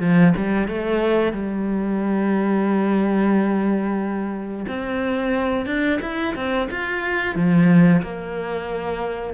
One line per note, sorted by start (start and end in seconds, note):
0.00 0.33 F3
0.37 0.68 G3
0.68 1.32 A3
1.32 4.66 G3
4.68 5.66 C4
5.66 6.00 D4
6.02 6.35 E4
6.35 6.68 C4
6.71 7.35 F4
7.35 8.02 F3
8.02 9.34 A#3